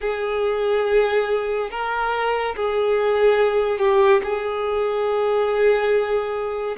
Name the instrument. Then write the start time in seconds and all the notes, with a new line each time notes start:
violin
0.00 G#4
1.71 A#4
2.56 G#4
3.78 G4
4.23 G#4